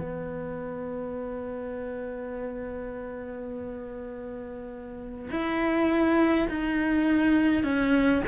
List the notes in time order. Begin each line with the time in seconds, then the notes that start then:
0.00 B3
5.30 E4
6.49 D#4
7.64 C#4